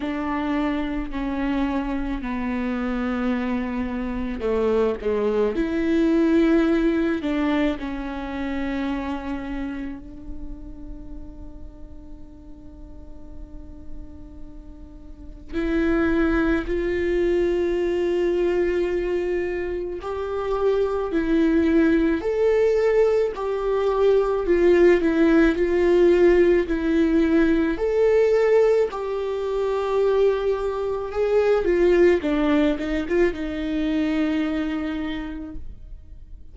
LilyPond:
\new Staff \with { instrumentName = "viola" } { \time 4/4 \tempo 4 = 54 d'4 cis'4 b2 | a8 gis8 e'4. d'8 cis'4~ | cis'4 d'2.~ | d'2 e'4 f'4~ |
f'2 g'4 e'4 | a'4 g'4 f'8 e'8 f'4 | e'4 a'4 g'2 | gis'8 f'8 d'8 dis'16 f'16 dis'2 | }